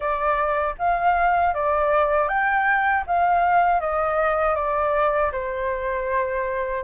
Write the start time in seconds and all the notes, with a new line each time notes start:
0.00 D5
0.78 F5
1.54 D5
2.28 G5
3.07 F5
3.80 D#5
4.55 D5
5.32 C5